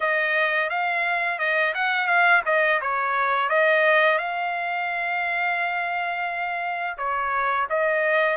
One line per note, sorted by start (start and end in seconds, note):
0.00 0.69 D#5
0.69 1.38 F5
1.38 1.73 D#5
1.74 2.07 F#5
2.07 2.42 F5
2.45 2.80 D#5
2.81 3.49 C#5
3.49 4.18 D#5
4.18 6.97 F5
6.97 7.67 C#5
7.69 8.37 D#5